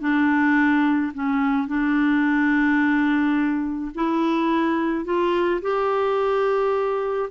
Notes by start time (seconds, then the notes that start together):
0.00 D4
1.14 C#4
1.67 D4
3.95 E4
5.05 F4
5.62 G4